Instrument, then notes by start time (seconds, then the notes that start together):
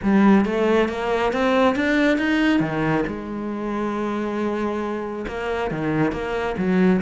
cello
0.03 G3
0.45 A3
0.89 A#3
1.32 C4
1.75 D4
2.18 D#4
2.60 D#3
3.06 G#3
5.27 A#3
5.71 D#3
6.12 A#3
6.57 F#3